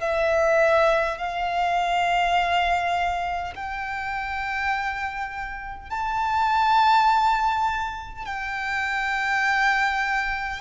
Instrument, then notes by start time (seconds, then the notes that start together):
violin
0.00 E5
1.18 F5
3.55 G5
5.90 A5
8.26 G5